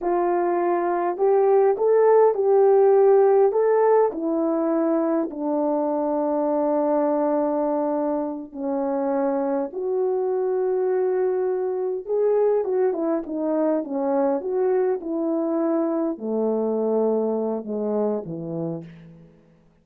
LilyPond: \new Staff \with { instrumentName = "horn" } { \time 4/4 \tempo 4 = 102 f'2 g'4 a'4 | g'2 a'4 e'4~ | e'4 d'2.~ | d'2~ d'8 cis'4.~ |
cis'8 fis'2.~ fis'8~ | fis'8 gis'4 fis'8 e'8 dis'4 cis'8~ | cis'8 fis'4 e'2 a8~ | a2 gis4 e4 | }